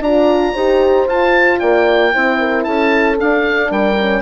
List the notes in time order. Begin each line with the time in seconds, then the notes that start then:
0.00 D4 F4 D5 A#5
0.54 D#4 G4 C5
1.07 F4 A5
1.60 A#3 D5 G5
2.12 C4 E4 C5
2.40 A#4
2.64 C#4 A4 A5
3.19 D4 F5
3.71 G3 A#4 G5
3.98 C#4